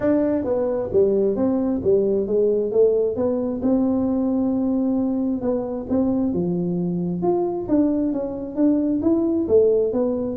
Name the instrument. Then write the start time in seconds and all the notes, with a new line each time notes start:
tuba
0.00 D4
0.44 B3
0.92 G3
1.36 C4
1.83 G3
2.27 G#3
2.71 A3
3.16 B3
3.62 C4
5.41 B3
5.89 C4
6.33 F3
7.22 F4
7.68 D4
8.12 C#4
8.55 D4
9.02 E4
9.48 A3
9.92 B3